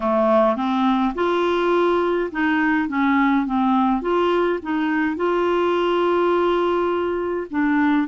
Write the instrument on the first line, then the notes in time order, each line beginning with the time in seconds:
clarinet
0.00 A3
0.56 C4
1.15 F4
2.31 D#4
2.88 C#4
3.46 C4
4.01 F4
4.62 D#4
5.16 F4
7.50 D4